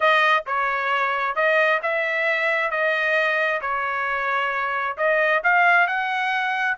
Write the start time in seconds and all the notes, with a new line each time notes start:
0.00 D#5
0.46 C#5
1.35 D#5
1.82 E5
2.70 D#5
3.61 C#5
4.97 D#5
5.43 F5
5.87 F#5